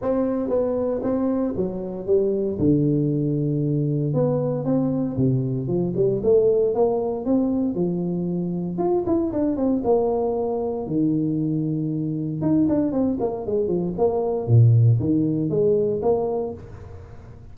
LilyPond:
\new Staff \with { instrumentName = "tuba" } { \time 4/4 \tempo 4 = 116 c'4 b4 c'4 fis4 | g4 d2. | b4 c'4 c4 f8 g8 | a4 ais4 c'4 f4~ |
f4 f'8 e'8 d'8 c'8 ais4~ | ais4 dis2. | dis'8 d'8 c'8 ais8 gis8 f8 ais4 | ais,4 dis4 gis4 ais4 | }